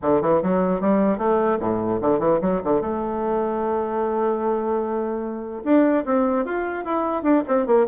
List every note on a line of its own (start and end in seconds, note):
0.01 0.21 D3
0.21 0.42 E3
0.42 0.81 F#3
0.81 1.18 G3
1.18 1.58 A3
1.60 2.00 A2
2.01 2.19 D3
2.19 2.39 E3
2.41 2.61 F#3
2.63 2.81 D3
2.81 5.63 A3
5.64 6.04 D4
6.05 6.45 C4
6.45 6.84 F4
6.84 7.22 E4
7.22 7.42 D4
7.47 7.66 C4
7.66 7.86 A#3